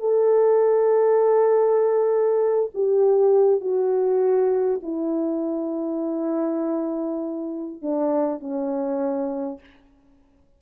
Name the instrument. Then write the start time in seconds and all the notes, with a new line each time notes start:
horn
0.00 A4
2.74 G4
3.61 F#4
4.83 E4
7.82 D4
8.40 C#4